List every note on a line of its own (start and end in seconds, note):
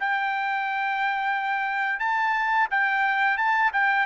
0.00 2.00 G5
2.00 2.68 A5
2.71 3.38 G5
3.38 3.72 A5
3.73 4.07 G5